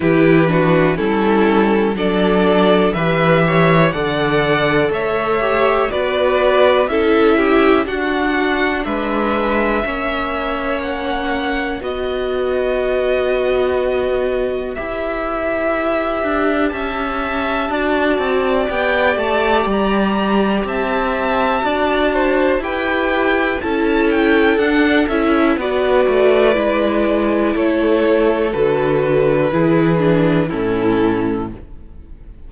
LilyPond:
<<
  \new Staff \with { instrumentName = "violin" } { \time 4/4 \tempo 4 = 61 b'4 a'4 d''4 e''4 | fis''4 e''4 d''4 e''4 | fis''4 e''2 fis''4 | dis''2. e''4~ |
e''4 a''2 g''8 a''8 | ais''4 a''2 g''4 | a''8 g''8 fis''8 e''8 d''2 | cis''4 b'2 a'4 | }
  \new Staff \with { instrumentName = "violin" } { \time 4/4 g'8 fis'8 e'4 a'4 b'8 cis''8 | d''4 cis''4 b'4 a'8 g'8 | fis'4 b'4 cis''2 | b'1~ |
b'4 e''4 d''2~ | d''4 e''4 d''8 c''8 b'4 | a'2 b'2 | a'2 gis'4 e'4 | }
  \new Staff \with { instrumentName = "viola" } { \time 4/4 e'8 d'8 cis'4 d'4 g'4 | a'4. g'8 fis'4 e'4 | d'2 cis'2 | fis'2. g'4~ |
g'2 fis'4 g'4~ | g'2 fis'4 g'4 | e'4 d'8 e'8 fis'4 e'4~ | e'4 fis'4 e'8 d'8 cis'4 | }
  \new Staff \with { instrumentName = "cello" } { \time 4/4 e4 g4 fis4 e4 | d4 a4 b4 cis'4 | d'4 gis4 ais2 | b2. e'4~ |
e'8 d'8 cis'4 d'8 c'8 b8 a8 | g4 c'4 d'4 e'4 | cis'4 d'8 cis'8 b8 a8 gis4 | a4 d4 e4 a,4 | }
>>